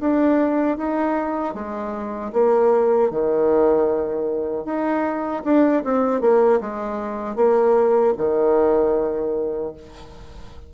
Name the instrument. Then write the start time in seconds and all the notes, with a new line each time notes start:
bassoon
0.00 D4
0.77 D#4
1.54 G#3
2.32 A#3
3.10 D#3
4.65 D#4
5.44 D4
5.84 C4
6.21 A#3
6.60 G#3
7.36 A#3
8.17 D#3